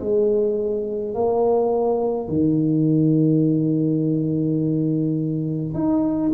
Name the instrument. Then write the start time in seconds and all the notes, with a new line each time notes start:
tuba
0.00 G#3
1.14 A#3
2.29 D#3
5.74 D#4